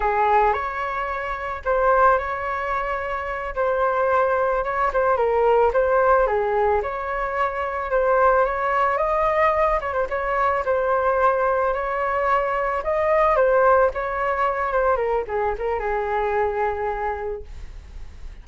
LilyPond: \new Staff \with { instrumentName = "flute" } { \time 4/4 \tempo 4 = 110 gis'4 cis''2 c''4 | cis''2~ cis''8 c''4.~ | c''8 cis''8 c''8 ais'4 c''4 gis'8~ | gis'8 cis''2 c''4 cis''8~ |
cis''8 dis''4. cis''16 c''16 cis''4 c''8~ | c''4. cis''2 dis''8~ | dis''8 c''4 cis''4. c''8 ais'8 | gis'8 ais'8 gis'2. | }